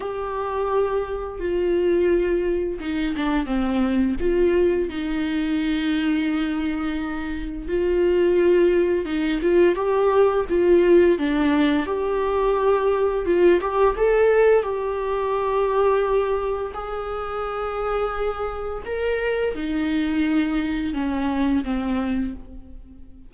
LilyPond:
\new Staff \with { instrumentName = "viola" } { \time 4/4 \tempo 4 = 86 g'2 f'2 | dis'8 d'8 c'4 f'4 dis'4~ | dis'2. f'4~ | f'4 dis'8 f'8 g'4 f'4 |
d'4 g'2 f'8 g'8 | a'4 g'2. | gis'2. ais'4 | dis'2 cis'4 c'4 | }